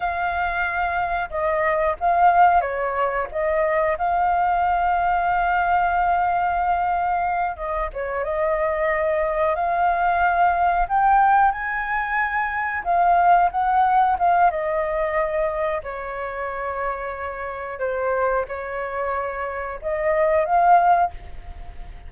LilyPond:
\new Staff \with { instrumentName = "flute" } { \time 4/4 \tempo 4 = 91 f''2 dis''4 f''4 | cis''4 dis''4 f''2~ | f''2.~ f''8 dis''8 | cis''8 dis''2 f''4.~ |
f''8 g''4 gis''2 f''8~ | f''8 fis''4 f''8 dis''2 | cis''2. c''4 | cis''2 dis''4 f''4 | }